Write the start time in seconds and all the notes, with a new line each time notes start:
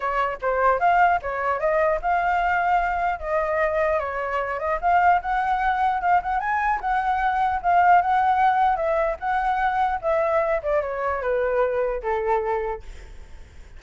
0.00 C#5
0.41 C5
0.79 F5
1.21 C#5
1.59 D#5
2.01 F5
3.19 D#5
3.99 C#5
4.59 D#5
4.81 F5
5.21 F#5
6.01 F5
6.22 F#5
6.39 G#5
6.80 F#5
7.62 F5
8.01 F#5
8.76 E5
9.19 F#5
10.01 E5
10.62 D5
10.81 C#5
11.21 B4
12.02 A4